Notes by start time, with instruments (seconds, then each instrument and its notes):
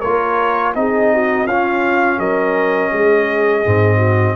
0.00 tuba A#3, trombone F4, horn A#4, trumpet C#5
0.74 tuba C4, trombone D#4, horn G#4, trumpet D#5
1.13 horn F#4
1.45 tuba C#4, trombone C#4, horn F4, trumpet F5
2.18 tuba F#3, horn A#4, trumpet D#5
2.92 tuba G#3, horn G#4
3.65 tuba G#2, trombone C4
3.97 horn F#4